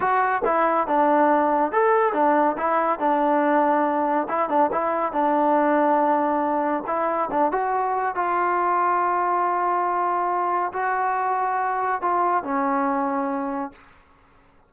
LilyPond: \new Staff \with { instrumentName = "trombone" } { \time 4/4 \tempo 4 = 140 fis'4 e'4 d'2 | a'4 d'4 e'4 d'4~ | d'2 e'8 d'8 e'4 | d'1 |
e'4 d'8 fis'4. f'4~ | f'1~ | f'4 fis'2. | f'4 cis'2. | }